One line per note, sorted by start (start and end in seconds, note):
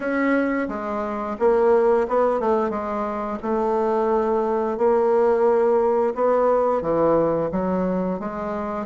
0.00 0.68 C#4
0.68 1.36 G#3
1.39 2.07 A#3
2.08 2.40 B3
2.40 2.69 A3
2.69 3.37 G#3
3.42 4.77 A3
4.77 6.14 A#3
6.14 6.81 B3
6.81 7.49 E3
7.51 8.19 F#3
8.19 8.86 G#3